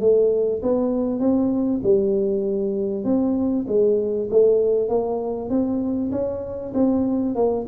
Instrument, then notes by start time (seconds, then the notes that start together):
tuba
0.00 A3
0.62 B3
1.19 C4
1.83 G3
3.04 C4
3.67 G#3
4.30 A3
4.89 A#3
5.49 C4
6.11 C#4
6.74 C4
7.35 A#3